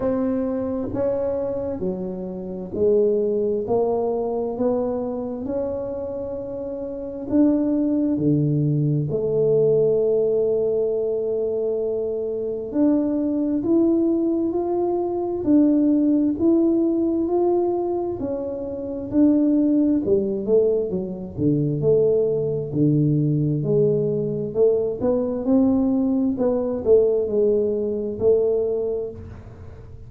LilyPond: \new Staff \with { instrumentName = "tuba" } { \time 4/4 \tempo 4 = 66 c'4 cis'4 fis4 gis4 | ais4 b4 cis'2 | d'4 d4 a2~ | a2 d'4 e'4 |
f'4 d'4 e'4 f'4 | cis'4 d'4 g8 a8 fis8 d8 | a4 d4 gis4 a8 b8 | c'4 b8 a8 gis4 a4 | }